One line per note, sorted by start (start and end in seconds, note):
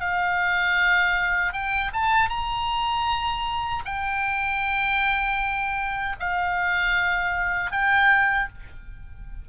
0.00 1.53 F5
1.53 1.91 G5
1.93 2.29 A5
2.29 3.83 A#5
3.85 6.16 G5
6.19 7.71 F5
7.71 8.48 G5